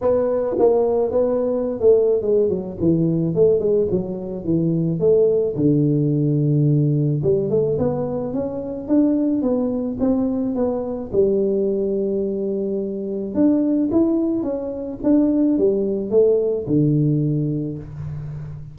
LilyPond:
\new Staff \with { instrumentName = "tuba" } { \time 4/4 \tempo 4 = 108 b4 ais4 b4~ b16 a8. | gis8 fis8 e4 a8 gis8 fis4 | e4 a4 d2~ | d4 g8 a8 b4 cis'4 |
d'4 b4 c'4 b4 | g1 | d'4 e'4 cis'4 d'4 | g4 a4 d2 | }